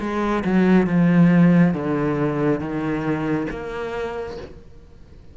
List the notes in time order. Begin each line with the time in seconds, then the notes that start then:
0.00 G#3
0.44 F#3
0.87 F3
1.73 D3
2.60 D#3
3.50 A#3